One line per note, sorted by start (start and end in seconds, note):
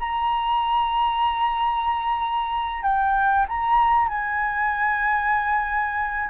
0.00 2.83 A#5
2.83 3.46 G5
3.49 4.09 A#5
4.09 6.30 G#5